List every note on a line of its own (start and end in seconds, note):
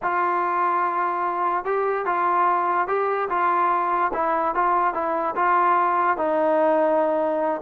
0.02 1.64 F4
1.64 2.05 G4
2.05 2.87 F4
2.87 3.28 G4
3.29 4.11 F4
4.13 4.54 E4
4.54 4.93 F4
4.93 5.34 E4
5.35 6.17 F4
6.17 7.61 D#4